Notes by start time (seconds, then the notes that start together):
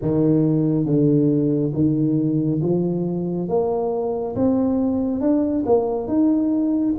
0.01 D#3
0.85 D3
1.74 D#3
2.61 F3
3.48 A#3
4.35 C4
5.21 D4
5.66 A#3
6.07 D#4